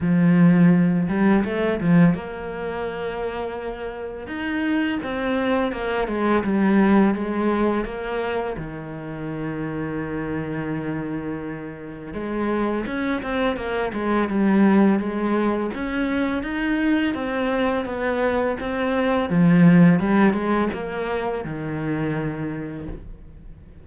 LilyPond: \new Staff \with { instrumentName = "cello" } { \time 4/4 \tempo 4 = 84 f4. g8 a8 f8 ais4~ | ais2 dis'4 c'4 | ais8 gis8 g4 gis4 ais4 | dis1~ |
dis4 gis4 cis'8 c'8 ais8 gis8 | g4 gis4 cis'4 dis'4 | c'4 b4 c'4 f4 | g8 gis8 ais4 dis2 | }